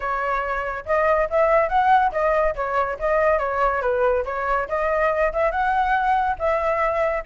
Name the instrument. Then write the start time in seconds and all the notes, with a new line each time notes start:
flute
0.00 C#5
0.85 D#5
1.30 E5
1.68 F#5
2.12 D#5
2.55 C#5
2.99 D#5
3.38 C#5
3.81 B4
4.25 C#5
4.68 D#5
5.32 E5
5.51 F#5
6.38 E5